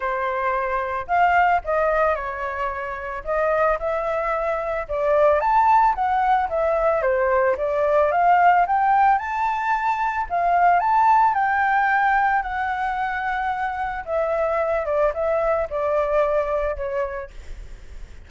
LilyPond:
\new Staff \with { instrumentName = "flute" } { \time 4/4 \tempo 4 = 111 c''2 f''4 dis''4 | cis''2 dis''4 e''4~ | e''4 d''4 a''4 fis''4 | e''4 c''4 d''4 f''4 |
g''4 a''2 f''4 | a''4 g''2 fis''4~ | fis''2 e''4. d''8 | e''4 d''2 cis''4 | }